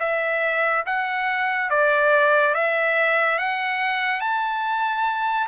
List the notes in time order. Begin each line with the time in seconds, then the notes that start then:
0.00 E5
0.86 F#5
1.70 D5
2.55 E5
3.38 F#5
4.21 A5